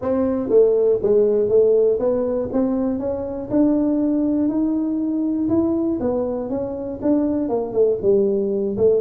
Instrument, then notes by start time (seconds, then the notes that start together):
tuba
0.01 C4
0.49 A3
1.02 G#3
1.49 A3
1.99 B3
2.52 C4
2.99 C#4
3.50 D4
4.48 D#4
5.48 E4
6.00 B3
6.49 C#4
7.01 D4
7.48 A#3
7.72 A3
8.02 G3
8.77 A3